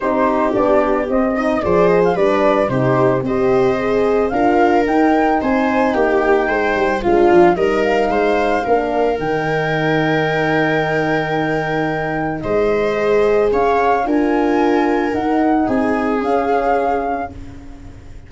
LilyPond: <<
  \new Staff \with { instrumentName = "flute" } { \time 4/4 \tempo 4 = 111 c''4 d''4 dis''4 d''8 dis''16 f''16 | d''4 c''4 dis''2 | f''4 g''4 gis''4 g''4~ | g''4 f''4 dis''8 f''4.~ |
f''4 g''2.~ | g''2. dis''4~ | dis''4 f''4 gis''2 | fis''4 gis''4 f''2 | }
  \new Staff \with { instrumentName = "viola" } { \time 4/4 g'2~ g'8 dis''8 c''4 | b'4 g'4 c''2 | ais'2 c''4 g'4 | c''4 f'4 ais'4 c''4 |
ais'1~ | ais'2. c''4~ | c''4 cis''4 ais'2~ | ais'4 gis'2. | }
  \new Staff \with { instrumentName = "horn" } { \time 4/4 dis'4 d'4 c'8 dis'8 gis'4 | d'4 dis'4 g'4 gis'4 | f'4 dis'2.~ | dis'4 d'4 dis'2 |
d'4 dis'2.~ | dis'1 | gis'2 f'2 | dis'2 cis'2 | }
  \new Staff \with { instrumentName = "tuba" } { \time 4/4 c'4 b4 c'4 f4 | g4 c4 c'2 | d'4 dis'4 c'4 ais4 | gis8 g8 gis8 f8 g4 gis4 |
ais4 dis2.~ | dis2. gis4~ | gis4 cis'4 d'2 | dis'4 c'4 cis'2 | }
>>